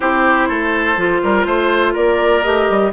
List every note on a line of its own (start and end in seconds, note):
0.00 0.49 C4
0.00 0.97 E4
0.00 0.48 G4
0.00 1.93 C5
0.48 0.96 A3
0.48 1.21 A4
0.96 1.21 F3
0.96 2.43 F4
1.23 1.45 G3
1.23 1.46 A#4
1.45 1.94 A3
1.45 1.93 C5
1.93 2.45 A#3
1.93 2.90 A#4
1.93 2.42 D5
2.42 2.69 A3
2.42 2.92 G4
2.42 2.91 D#5
2.69 2.93 G3